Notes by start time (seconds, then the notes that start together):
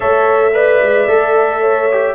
0.00 A3 A4 C#5 E5
0.53 B4 D5
0.82 G#3
1.07 A3 A4
1.60 C#5
1.91 G4